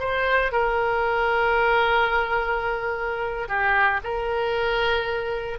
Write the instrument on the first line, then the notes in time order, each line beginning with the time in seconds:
oboe
0.00 C5
0.52 A#4
3.49 G4
4.04 A#4